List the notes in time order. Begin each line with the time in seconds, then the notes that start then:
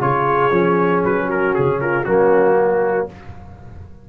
0.00 C#3 F4 G#4 C#5
0.51 F3 C#4
1.04 F#3 B4
1.25 F#4 A#4
1.54 C#3 G#4
1.80 F4 A#4
2.04 F#3 A#3 C#4 F#4
2.55 F#4